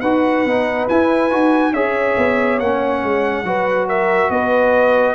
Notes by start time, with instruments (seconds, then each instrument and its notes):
0.00 tuba D#4, trombone F#4, horn B4, trumpet F#5
0.45 tuba B3, trombone D#4
0.89 tuba E4, trombone E4, trumpet G#5
1.30 tuba D#4, trombone F#4
1.73 tuba C#4, trombone G#4, horn C#5, trumpet E5
2.17 tuba B3
2.59 tuba A#3, trombone C#4, trumpet F#5
3.03 tuba G#3
3.43 tuba F#3, trombone F#4, horn B4
3.87 horn A#4, trumpet E5
4.30 tuba B3, horn B4, trumpet D#5